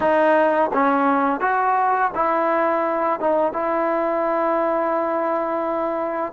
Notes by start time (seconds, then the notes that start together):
0.00 D#4
0.73 C#4
1.40 F#4
2.15 E4
3.20 D#4
3.52 E4